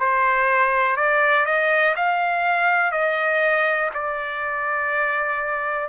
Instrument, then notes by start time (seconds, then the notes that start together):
trumpet
0.00 C5
0.97 D5
1.46 D#5
1.96 F5
2.92 D#5
3.95 D5